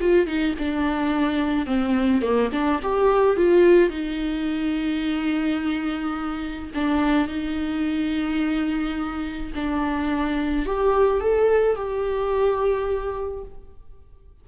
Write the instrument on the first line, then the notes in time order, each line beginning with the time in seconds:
viola
0.00 F4
0.26 D#4
0.58 D4
1.66 C4
2.21 A#3
2.52 D4
2.82 G4
3.36 F4
3.89 D#4
6.74 D4
7.27 D#4
9.55 D4
10.65 G4
11.20 A4
11.76 G4